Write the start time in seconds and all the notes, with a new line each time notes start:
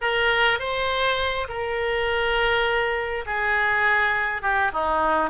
0.01 A#4
0.59 C5
1.48 A#4
3.26 G#4
4.42 G4
4.72 D#4